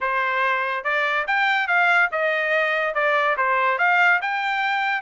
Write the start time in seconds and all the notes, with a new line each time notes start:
0.00 C5
0.84 D5
1.27 G5
1.67 F5
2.11 D#5
2.94 D5
3.37 C5
3.78 F5
4.21 G5